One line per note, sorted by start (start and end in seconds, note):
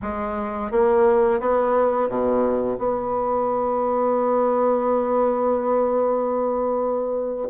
0.02 0.71 G#3
0.71 1.40 A#3
1.40 2.09 B3
2.09 2.78 B2
2.78 7.49 B3